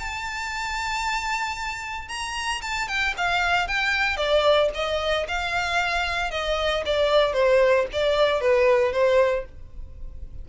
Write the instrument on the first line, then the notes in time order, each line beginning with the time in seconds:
violin
0.00 A5
2.09 A#5
2.62 A5
2.88 G5
3.17 F5
3.68 G5
4.17 D5
4.75 D#5
5.28 F5
6.31 D#5
6.86 D5
7.33 C5
7.93 D5
8.41 B4
8.93 C5